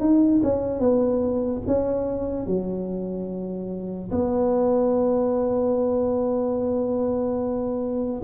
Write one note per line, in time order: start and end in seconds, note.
0.00 0.41 D#4
0.43 0.80 C#4
0.80 1.62 B3
1.67 2.47 C#4
2.47 4.11 F#3
4.11 8.22 B3